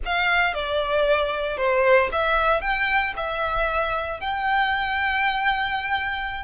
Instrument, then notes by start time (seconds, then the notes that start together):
violin
0.05 F5
0.54 D5
1.57 C5
2.11 E5
2.61 G5
3.16 E5
4.20 G5